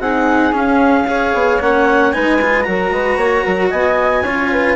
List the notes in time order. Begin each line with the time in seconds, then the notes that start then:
0.00 C4 D#4 G#4 F#5
0.53 C#4 F5
1.07 G#4 C#5
1.34 B3
1.61 A#3 C#4 F#5
2.12 G#3 D#4 B4 G#5
2.41 F4
2.62 F#3 F#4 A#4 A#5
2.91 G#3 B4
3.17 A#3 C#5
3.43 F#3 A#4
3.70 B3 D#5 G#5
4.23 C#4 F4 C#5
4.52 B4